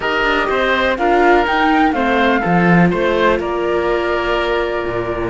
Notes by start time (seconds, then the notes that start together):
0.00 D#4 G4 A#4 D#5
0.23 D4
0.49 C4 C5
0.97 D4 F4 A#4 F5
1.45 D#4 G5
1.92 A3 C4 C5 F5
2.40 F3 F4 A4
2.90 A3 C5
3.39 A#3 A#4 D5
4.86 A#2